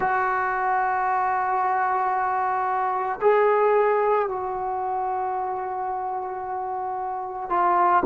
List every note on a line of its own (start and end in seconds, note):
0.00 3.19 F#4
3.21 4.28 G#4
4.28 7.49 F#4
7.49 8.03 F4